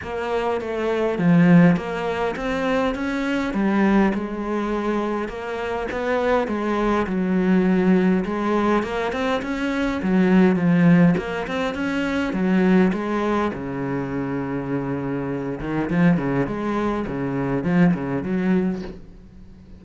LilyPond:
\new Staff \with { instrumentName = "cello" } { \time 4/4 \tempo 4 = 102 ais4 a4 f4 ais4 | c'4 cis'4 g4 gis4~ | gis4 ais4 b4 gis4 | fis2 gis4 ais8 c'8 |
cis'4 fis4 f4 ais8 c'8 | cis'4 fis4 gis4 cis4~ | cis2~ cis8 dis8 f8 cis8 | gis4 cis4 f8 cis8 fis4 | }